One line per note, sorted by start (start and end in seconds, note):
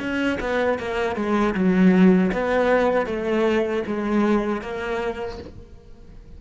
0.00 0.38 C#4
0.41 0.79 B3
0.79 1.16 A#3
1.16 1.55 G#3
1.55 2.31 F#3
2.33 3.06 B3
3.06 3.83 A3
3.87 4.62 G#3
4.62 5.39 A#3